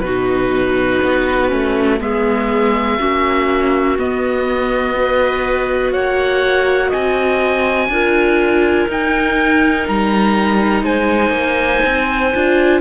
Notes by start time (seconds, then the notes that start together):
0.00 B2 D#4 F#4 B4
1.04 B3
1.49 A3 C#4
2.00 G#3 B3 G#4 E5
2.99 A#3 C#4 F#4
3.99 B3 D#5
4.96 F#4 B4
5.92 A#3 C#5 F#5
6.89 C4 D#5 G#5
7.89 D4 F4 A#4
8.89 D#4 G5
9.89 G3 A#5
10.84 G#3 C5 G#5
11.31 A#3
11.85 C4
12.35 D4 F4